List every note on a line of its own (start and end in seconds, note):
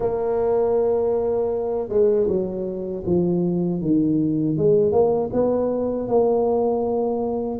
0.00 1.88 A#3
1.88 2.26 G#3
2.28 3.03 F#3
3.06 3.81 F3
3.81 4.57 D#3
4.57 4.92 G#3
4.92 5.30 A#3
5.32 6.08 B3
6.08 7.59 A#3